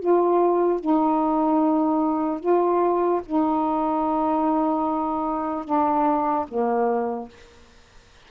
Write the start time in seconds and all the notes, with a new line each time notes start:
0.00 F4
0.81 D#4
2.40 F4
3.26 D#4
5.65 D4
6.48 A#3